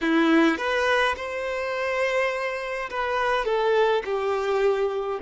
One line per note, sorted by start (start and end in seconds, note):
0.01 0.57 E4
0.57 1.15 B4
1.16 2.89 C5
2.90 3.45 B4
3.45 4.03 A4
4.04 5.19 G4